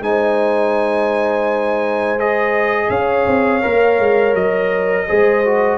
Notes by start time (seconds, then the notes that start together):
0.00 G#3 D#4 C5 G#5
2.18 G#4 D#5
2.89 C#4 C#5 F5
3.26 C4
3.62 A#3 A#4
3.99 G#3
4.34 F#3 D#5
5.07 G#3 G#4 C5
5.45 F#4